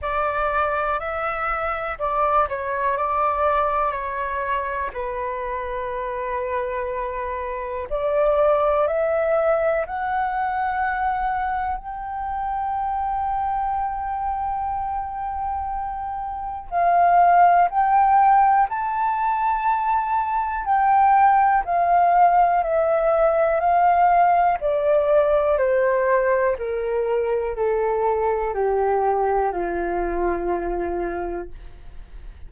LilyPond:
\new Staff \with { instrumentName = "flute" } { \time 4/4 \tempo 4 = 61 d''4 e''4 d''8 cis''8 d''4 | cis''4 b'2. | d''4 e''4 fis''2 | g''1~ |
g''4 f''4 g''4 a''4~ | a''4 g''4 f''4 e''4 | f''4 d''4 c''4 ais'4 | a'4 g'4 f'2 | }